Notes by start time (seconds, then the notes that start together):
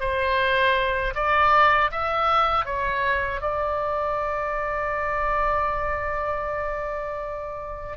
0.00 C5
1.15 D5
1.92 E5
2.65 C#5
3.41 D5